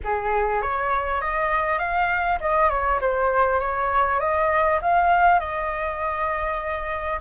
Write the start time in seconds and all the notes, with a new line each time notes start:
0.04 G#4
0.61 C#5
1.21 D#5
1.78 F5
2.40 D#5
2.69 C#5
3.00 C5
3.59 C#5
4.19 D#5
4.81 F5
5.39 D#5